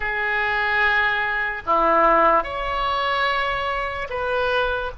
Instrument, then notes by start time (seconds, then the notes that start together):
oboe
0.00 G#4
1.66 E4
2.43 C#5
4.09 B4